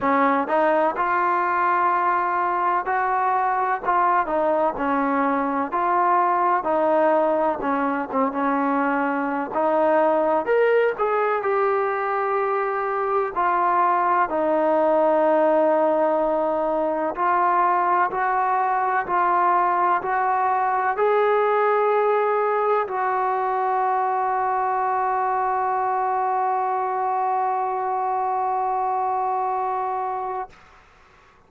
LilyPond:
\new Staff \with { instrumentName = "trombone" } { \time 4/4 \tempo 4 = 63 cis'8 dis'8 f'2 fis'4 | f'8 dis'8 cis'4 f'4 dis'4 | cis'8 c'16 cis'4~ cis'16 dis'4 ais'8 gis'8 | g'2 f'4 dis'4~ |
dis'2 f'4 fis'4 | f'4 fis'4 gis'2 | fis'1~ | fis'1 | }